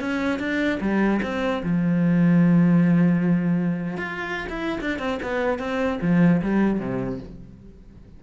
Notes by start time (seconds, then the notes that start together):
0.00 C#4
0.39 D4
0.80 G3
1.23 C4
1.63 F3
3.97 F4
4.49 E4
4.81 D4
4.99 C4
5.22 B3
5.59 C4
6.02 F3
6.42 G3
6.80 C3